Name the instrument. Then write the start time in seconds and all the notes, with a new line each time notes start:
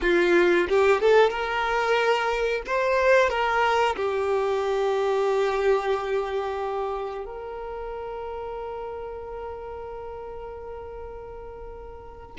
violin
0.01 F4
0.68 G4
1.00 A4
1.30 A#4
2.66 C5
3.29 A#4
3.96 G4
7.25 A#4